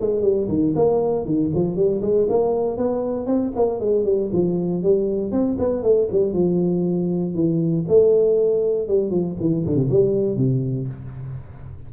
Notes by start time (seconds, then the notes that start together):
0.00 G#3
0.22 G3
0.48 D#3
0.75 A#3
1.25 D#3
1.54 F3
1.76 G3
2.02 G#3
2.29 A#3
2.77 B3
3.26 C4
3.55 A#3
3.80 G#3
4.05 G3
4.32 F3
4.83 G3
5.31 C4
5.59 B3
5.82 A3
6.11 G3
6.33 F3
7.34 E3
7.88 A3
8.88 G3
9.10 F3
9.40 E3
9.66 D3
9.75 C3
9.90 G3
10.37 C3